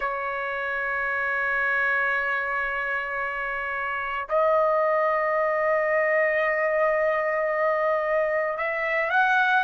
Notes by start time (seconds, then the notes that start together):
0.00 C#5
4.29 D#5
8.57 E5
9.10 F#5